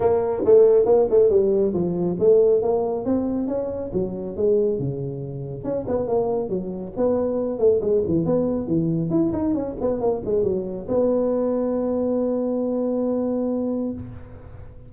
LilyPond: \new Staff \with { instrumentName = "tuba" } { \time 4/4 \tempo 4 = 138 ais4 a4 ais8 a8 g4 | f4 a4 ais4 c'4 | cis'4 fis4 gis4 cis4~ | cis4 cis'8 b8 ais4 fis4 |
b4. a8 gis8 e8 b4 | e4 e'8 dis'8 cis'8 b8 ais8 gis8 | fis4 b2.~ | b1 | }